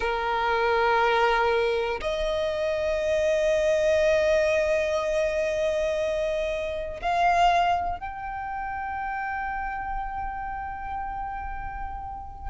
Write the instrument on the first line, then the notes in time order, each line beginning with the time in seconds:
violin
0.00 A#4
2.00 D#5
7.01 F5
8.00 G5